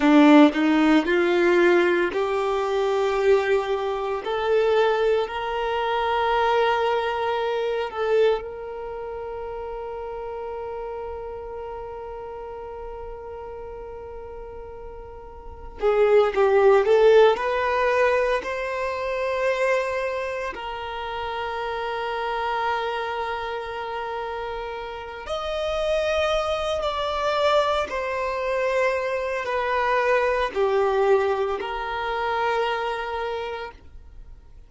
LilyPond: \new Staff \with { instrumentName = "violin" } { \time 4/4 \tempo 4 = 57 d'8 dis'8 f'4 g'2 | a'4 ais'2~ ais'8 a'8 | ais'1~ | ais'2. gis'8 g'8 |
a'8 b'4 c''2 ais'8~ | ais'1 | dis''4. d''4 c''4. | b'4 g'4 ais'2 | }